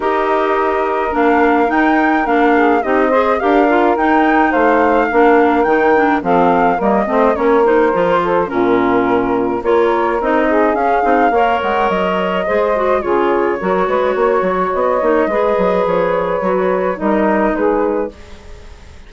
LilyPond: <<
  \new Staff \with { instrumentName = "flute" } { \time 4/4 \tempo 4 = 106 dis''2 f''4 g''4 | f''4 dis''4 f''4 g''4 | f''2 g''4 f''4 | dis''4 cis''8 c''4. ais'4~ |
ais'4 cis''4 dis''4 f''4~ | f''8 fis''8 dis''2 cis''4~ | cis''2 dis''2 | cis''2 dis''4 b'4 | }
  \new Staff \with { instrumentName = "saxophone" } { \time 4/4 ais'1~ | ais'8 gis'8 g'8 c''8 ais'2 | c''4 ais'2 a'4 | ais'8 c''8 ais'4. a'8 f'4~ |
f'4 ais'4. gis'4. | cis''2 c''4 gis'4 | ais'8 b'8 cis''2 b'4~ | b'2 ais'4 gis'4 | }
  \new Staff \with { instrumentName = "clarinet" } { \time 4/4 g'2 d'4 dis'4 | d'4 dis'8 gis'8 g'8 f'8 dis'4~ | dis'4 d'4 dis'8 d'8 c'4 | ais8 c'8 cis'8 dis'8 f'4 cis'4~ |
cis'4 f'4 dis'4 cis'8 dis'8 | ais'2 gis'8 fis'8 f'4 | fis'2~ fis'8 dis'8 gis'4~ | gis'4 fis'4 dis'2 | }
  \new Staff \with { instrumentName = "bassoon" } { \time 4/4 dis'2 ais4 dis'4 | ais4 c'4 d'4 dis'4 | a4 ais4 dis4 f4 | g8 a8 ais4 f4 ais,4~ |
ais,4 ais4 c'4 cis'8 c'8 | ais8 gis8 fis4 gis4 cis4 | fis8 gis8 ais8 fis8 b8 ais8 gis8 fis8 | f4 fis4 g4 gis4 | }
>>